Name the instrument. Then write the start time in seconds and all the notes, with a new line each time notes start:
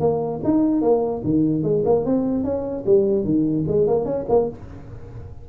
tuba
0.00 A#3
0.44 D#4
0.82 A#3
1.24 D#3
1.63 G#3
1.85 A#3
2.05 C4
2.44 C#4
2.86 G3
3.24 D#3
3.68 G#3
3.87 A#3
4.05 C#4
4.29 A#3